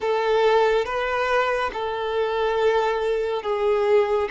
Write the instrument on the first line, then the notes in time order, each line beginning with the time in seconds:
violin
0.00 A4
0.85 B4
1.73 A4
3.42 G#4